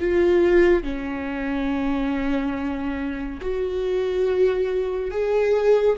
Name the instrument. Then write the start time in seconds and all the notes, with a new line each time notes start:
viola
0.00 F4
0.83 C#4
3.41 F#4
5.11 G#4